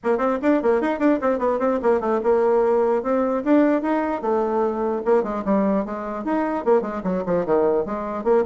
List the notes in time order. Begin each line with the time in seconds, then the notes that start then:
0.03 A#3
0.18 C4
0.42 D4
0.62 A#3
0.81 D#4
0.99 D4
1.21 C4
1.39 B3
1.59 C4
1.82 A#3
2.00 A3
2.23 A#3
3.03 C4
3.44 D4
3.82 D#4
4.21 A3
5.05 A#3
5.23 G#3
5.45 G3
5.85 G#3
6.24 D#4
6.64 A#3
6.81 G#3
7.03 F#3
7.26 F3
7.45 D#3
7.85 G#3
8.24 A#3